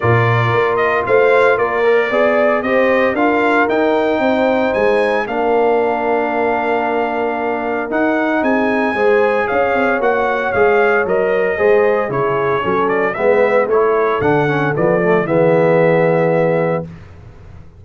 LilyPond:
<<
  \new Staff \with { instrumentName = "trumpet" } { \time 4/4 \tempo 4 = 114 d''4. dis''8 f''4 d''4~ | d''4 dis''4 f''4 g''4~ | g''4 gis''4 f''2~ | f''2. fis''4 |
gis''2 f''4 fis''4 | f''4 dis''2 cis''4~ | cis''8 d''8 e''4 cis''4 fis''4 | d''4 e''2. | }
  \new Staff \with { instrumentName = "horn" } { \time 4/4 ais'2 c''4 ais'4 | d''4 c''4 ais'2 | c''2 ais'2~ | ais'1 |
gis'4 c''4 cis''2~ | cis''2 c''4 gis'4 | a'4 b'4 a'2~ | a'4 gis'2. | }
  \new Staff \with { instrumentName = "trombone" } { \time 4/4 f'2.~ f'8 ais'8 | gis'4 g'4 f'4 dis'4~ | dis'2 d'2~ | d'2. dis'4~ |
dis'4 gis'2 fis'4 | gis'4 ais'4 gis'4 e'4 | cis'4 b4 e'4 d'8 cis'8 | b8 a8 b2. | }
  \new Staff \with { instrumentName = "tuba" } { \time 4/4 ais,4 ais4 a4 ais4 | b4 c'4 d'4 dis'4 | c'4 gis4 ais2~ | ais2. dis'4 |
c'4 gis4 cis'8 c'8 ais4 | gis4 fis4 gis4 cis4 | fis4 gis4 a4 d4 | f4 e2. | }
>>